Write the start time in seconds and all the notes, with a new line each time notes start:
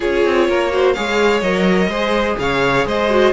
0.00 C#4 F4 G#4 C#5
0.25 C4
0.48 A#3 A#4
0.71 F#4 C5
0.93 G#3 G#4 C#5 F5
1.41 F#3 A#4 D#5
1.87 G#3 G#4 C5
2.38 C#3 C#5 F5
2.85 G#3 C5 D#5
3.09 F#4